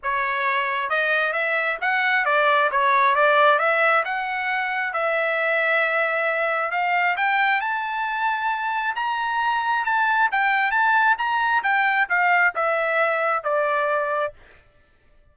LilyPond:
\new Staff \with { instrumentName = "trumpet" } { \time 4/4 \tempo 4 = 134 cis''2 dis''4 e''4 | fis''4 d''4 cis''4 d''4 | e''4 fis''2 e''4~ | e''2. f''4 |
g''4 a''2. | ais''2 a''4 g''4 | a''4 ais''4 g''4 f''4 | e''2 d''2 | }